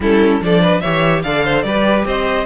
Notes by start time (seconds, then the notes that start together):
0.00 G3 C#4 E4 A4
0.41 F3 D4 A4 D5
0.61 B4
0.81 E3 G4 C#5 E5
1.22 D3 A4 D5 F5
1.44 C5
1.62 G3 G4 B4 D5
2.05 C4 C5 D#5